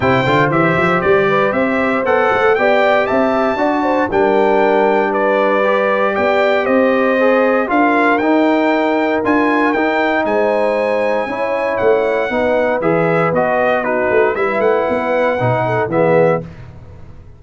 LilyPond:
<<
  \new Staff \with { instrumentName = "trumpet" } { \time 4/4 \tempo 4 = 117 g''4 e''4 d''4 e''4 | fis''4 g''4 a''2 | g''2 d''2 | g''4 dis''2 f''4 |
g''2 gis''4 g''4 | gis''2. fis''4~ | fis''4 e''4 dis''4 b'4 | e''8 fis''2~ fis''8 e''4 | }
  \new Staff \with { instrumentName = "horn" } { \time 4/4 c''2~ c''8 b'8 c''4~ | c''4 d''4 e''4 d''8 c''8 | ais'2 b'2 | d''4 c''2 ais'4~ |
ais'1 | c''2 cis''2 | b'2. fis'4 | b'2~ b'8 a'8 gis'4 | }
  \new Staff \with { instrumentName = "trombone" } { \time 4/4 e'8 f'8 g'2. | a'4 g'2 fis'4 | d'2. g'4~ | g'2 gis'4 f'4 |
dis'2 f'4 dis'4~ | dis'2 e'2 | dis'4 gis'4 fis'4 dis'4 | e'2 dis'4 b4 | }
  \new Staff \with { instrumentName = "tuba" } { \time 4/4 c8 d8 e8 f8 g4 c'4 | b8 a8 b4 c'4 d'4 | g1 | b4 c'2 d'4 |
dis'2 d'4 dis'4 | gis2 cis'4 a4 | b4 e4 b4. a8 | g8 a8 b4 b,4 e4 | }
>>